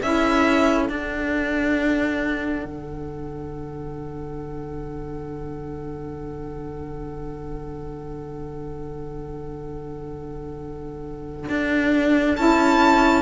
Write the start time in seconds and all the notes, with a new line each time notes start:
0.00 C#4 E4 A4 E5
0.86 D4 F#5
2.65 D3
11.49 D4
12.37 C#4 E4 A5